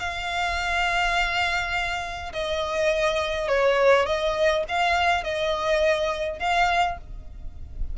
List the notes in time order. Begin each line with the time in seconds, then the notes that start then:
0.00 F5
2.33 D#5
3.48 C#5
4.06 D#5
4.69 F5
5.24 D#5
6.40 F5